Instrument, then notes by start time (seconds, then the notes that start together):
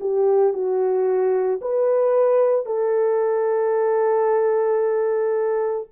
horn
0.00 G4
0.53 F#4
1.61 B4
2.66 A4